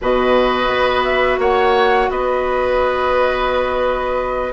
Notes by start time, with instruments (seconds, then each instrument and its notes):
0.01 bassoon B2, clarinet F#4, oboe B4, flute D#5
0.68 bassoon B3
1.04 flute E5
1.38 bassoon A#3, oboe C#5, flute F#5
2.10 bassoon B3, oboe B4, flute D#5